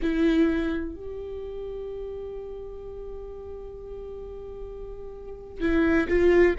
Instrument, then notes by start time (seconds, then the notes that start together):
viola
0.02 E4
0.95 G4
5.60 E4
6.08 F4